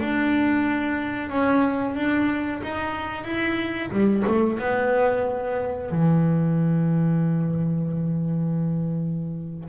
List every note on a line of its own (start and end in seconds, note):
0.00 1.29 D4
1.29 1.95 C#4
1.95 2.61 D4
2.63 3.24 D#4
3.24 3.90 E4
3.91 4.23 G3
4.27 4.59 A3
4.59 5.91 B3
5.91 9.69 E3